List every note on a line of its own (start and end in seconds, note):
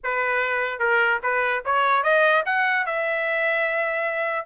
0.03 0.79 B4
0.79 1.19 A#4
1.22 1.63 B4
1.65 2.03 C#5
2.03 2.43 D#5
2.45 2.85 F#5
2.85 4.45 E5